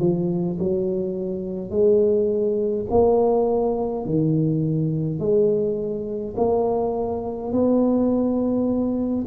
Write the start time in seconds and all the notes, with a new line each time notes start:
0.00 F3
0.59 F#3
1.70 G#3
2.91 A#3
4.05 D#3
5.20 G#3
6.37 A#3
7.52 B3